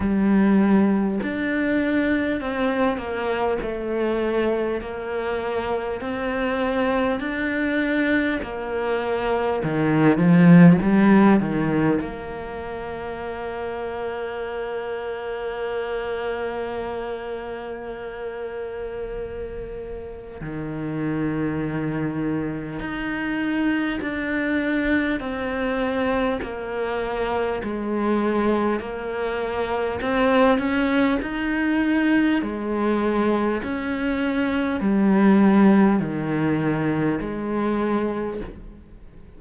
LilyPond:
\new Staff \with { instrumentName = "cello" } { \time 4/4 \tempo 4 = 50 g4 d'4 c'8 ais8 a4 | ais4 c'4 d'4 ais4 | dis8 f8 g8 dis8 ais2~ | ais1~ |
ais4 dis2 dis'4 | d'4 c'4 ais4 gis4 | ais4 c'8 cis'8 dis'4 gis4 | cis'4 g4 dis4 gis4 | }